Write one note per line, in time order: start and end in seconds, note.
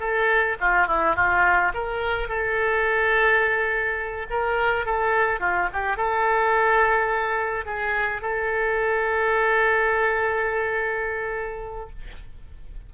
0.00 0.57 A4
0.61 0.88 F4
0.88 1.16 E4
1.16 1.73 F4
1.74 2.29 A#4
2.29 4.27 A4
4.30 4.86 A#4
4.86 5.41 A4
5.41 5.69 F4
5.73 5.97 G4
5.97 7.66 A4
7.66 8.22 G#4
8.22 11.90 A4